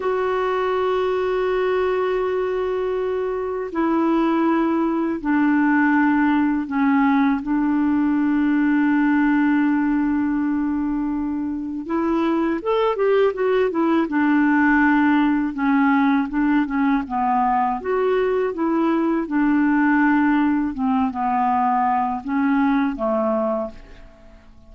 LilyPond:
\new Staff \with { instrumentName = "clarinet" } { \time 4/4 \tempo 4 = 81 fis'1~ | fis'4 e'2 d'4~ | d'4 cis'4 d'2~ | d'1 |
e'4 a'8 g'8 fis'8 e'8 d'4~ | d'4 cis'4 d'8 cis'8 b4 | fis'4 e'4 d'2 | c'8 b4. cis'4 a4 | }